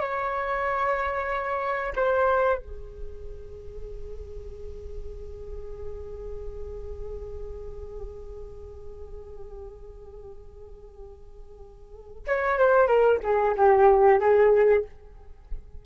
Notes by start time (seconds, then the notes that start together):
0.00 C#5
1.96 C5
2.58 G#4
12.27 C#5
12.59 C5
12.87 A#4
13.23 G#4
13.57 G4
14.20 G#4